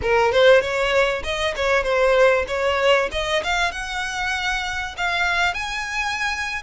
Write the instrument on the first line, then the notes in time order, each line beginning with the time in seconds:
violin
0.02 A#4
0.31 C5
0.61 C#5
1.23 D#5
1.56 C#5
1.83 C5
2.47 C#5
3.11 D#5
3.43 F5
3.71 F#5
4.97 F5
5.54 G#5